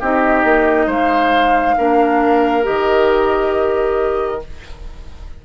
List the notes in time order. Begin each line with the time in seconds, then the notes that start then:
0.00 C4 D#4 G4 D#5
0.44 A#3
0.87 G#3 C5 F5
1.77 A#3 D4 A#4
2.63 G4 D#5
2.69 D#3